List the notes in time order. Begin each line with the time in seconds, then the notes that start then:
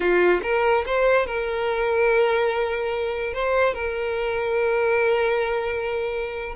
0.00 F4
0.42 A#4
0.85 C5
1.26 A#4
3.33 C5
3.74 A#4